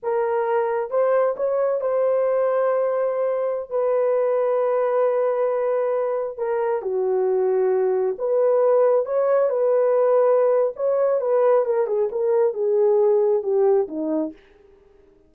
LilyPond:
\new Staff \with { instrumentName = "horn" } { \time 4/4 \tempo 4 = 134 ais'2 c''4 cis''4 | c''1~ | c''16 b'2.~ b'8.~ | b'2~ b'16 ais'4 fis'8.~ |
fis'2~ fis'16 b'4.~ b'16~ | b'16 cis''4 b'2~ b'8. | cis''4 b'4 ais'8 gis'8 ais'4 | gis'2 g'4 dis'4 | }